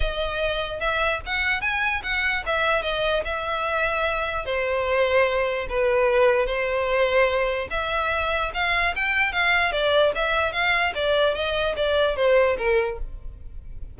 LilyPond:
\new Staff \with { instrumentName = "violin" } { \time 4/4 \tempo 4 = 148 dis''2 e''4 fis''4 | gis''4 fis''4 e''4 dis''4 | e''2. c''4~ | c''2 b'2 |
c''2. e''4~ | e''4 f''4 g''4 f''4 | d''4 e''4 f''4 d''4 | dis''4 d''4 c''4 ais'4 | }